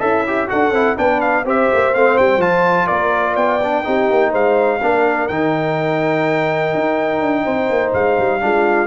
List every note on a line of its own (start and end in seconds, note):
0.00 0.48 C#4
0.00 0.49 E4
0.00 0.24 A4
0.00 0.49 E5
0.27 0.48 G4
0.48 0.72 D4
0.48 0.72 F#4
0.48 0.98 A4
0.48 0.98 F#5
0.72 0.96 C4
0.72 0.97 E4
0.97 1.45 B3
0.97 1.45 D4
0.97 1.45 B4
0.97 1.21 G5
1.21 1.45 F5
1.45 1.69 C4
1.45 1.94 G4
1.45 2.88 C5
1.45 1.94 E5
1.74 1.94 A#3
1.94 2.18 A3
1.94 2.40 C4
1.94 2.18 F5
2.18 2.38 G3
2.18 2.42 G5
2.38 2.86 F3
2.38 3.60 F4
2.38 2.87 A5
2.87 3.36 A#3
2.87 3.33 A#4
2.87 3.35 D5
3.33 3.84 B3
3.33 3.81 D5
3.33 4.32 G5
3.64 3.84 D4
3.84 4.11 C4
3.84 4.80 D#4
3.84 4.31 G4
4.11 4.34 A#3
4.31 4.82 G#3
4.31 4.79 C5
4.31 5.28 F5
4.82 5.30 A#3
4.82 5.30 D4
4.82 7.44 A#4
5.28 6.74 D#3
5.28 8.41 D#4
5.28 7.92 G5
6.75 7.21 D#4
7.21 7.45 D4
7.44 7.70 C4
7.44 8.40 C5
7.70 7.94 A#3
7.94 8.18 G#3
7.94 8.87 F5
8.19 8.43 G3
8.41 8.87 G#3
8.41 8.87 D4
8.41 8.87 F4